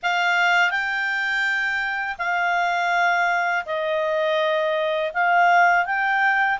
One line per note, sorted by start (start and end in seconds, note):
0.02 0.70 F5
0.70 2.16 G5
2.18 3.65 F5
3.65 5.12 D#5
5.13 5.85 F5
5.85 6.58 G5